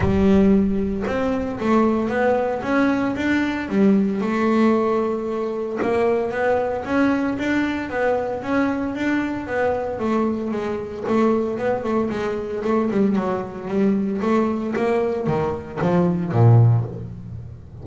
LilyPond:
\new Staff \with { instrumentName = "double bass" } { \time 4/4 \tempo 4 = 114 g2 c'4 a4 | b4 cis'4 d'4 g4 | a2. ais4 | b4 cis'4 d'4 b4 |
cis'4 d'4 b4 a4 | gis4 a4 b8 a8 gis4 | a8 g8 fis4 g4 a4 | ais4 dis4 f4 ais,4 | }